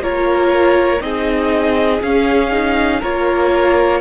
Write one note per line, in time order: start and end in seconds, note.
0.00 1.00 A#3
0.00 1.00 F4
0.00 1.03 A#4
0.00 1.02 C#5
1.00 2.01 C4
1.00 2.00 D#4
1.00 3.01 G#4
1.00 2.02 D#5
2.02 3.03 C#4
2.02 2.52 C#4
2.02 3.02 F5
2.52 3.02 D#4
3.01 4.01 A#3
3.01 4.01 F4
3.01 4.01 A#4
3.01 4.01 C#5